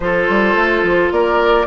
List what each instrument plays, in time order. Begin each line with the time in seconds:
0.00 bassoon F3, clarinet F4, oboe A4, flute C5
0.28 bassoon G3
0.55 bassoon A3
0.83 bassoon F3
1.11 bassoon A#3, oboe A#4, flute D5